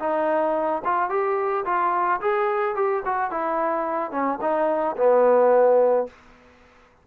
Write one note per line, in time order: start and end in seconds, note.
0.00 0.83 D#4
0.85 1.10 F4
1.10 1.65 G4
1.65 2.20 F4
2.21 2.75 G#4
2.75 3.03 G4
3.06 3.31 F#4
3.31 4.12 E4
4.12 4.39 C#4
4.41 4.96 D#4
4.97 6.07 B3